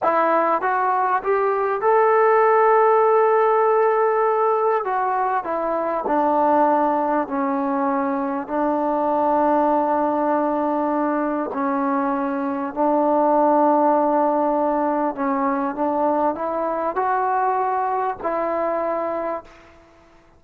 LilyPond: \new Staff \with { instrumentName = "trombone" } { \time 4/4 \tempo 4 = 99 e'4 fis'4 g'4 a'4~ | a'1 | fis'4 e'4 d'2 | cis'2 d'2~ |
d'2. cis'4~ | cis'4 d'2.~ | d'4 cis'4 d'4 e'4 | fis'2 e'2 | }